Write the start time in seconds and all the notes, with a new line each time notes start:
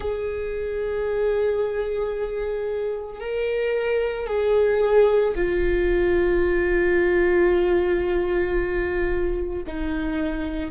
0.00 G#4
3.19 A#4
4.27 G#4
5.35 F4
9.66 D#4